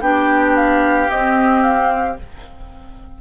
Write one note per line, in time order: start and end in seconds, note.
0.00 1.09 B3
0.00 1.09 D4
0.00 2.21 G4
0.00 0.56 G5
0.56 1.10 F5
1.09 2.18 C4
1.09 1.62 D#5
1.62 2.16 F5